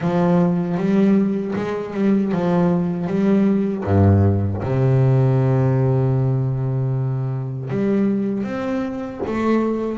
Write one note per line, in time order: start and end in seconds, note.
0.00 0.77 F3
0.77 1.54 G3
1.55 1.94 G#3
1.94 2.32 G3
2.32 3.07 F3
3.07 3.84 G3
3.84 4.61 G2
4.62 7.70 C3
7.70 8.43 G3
8.43 9.20 C4
9.26 9.98 A3